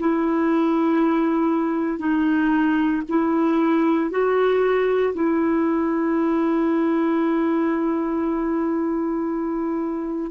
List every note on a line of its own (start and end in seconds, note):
0.00 1.99 E4
1.99 3.02 D#4
3.09 4.11 E4
4.11 5.14 F#4
5.14 10.32 E4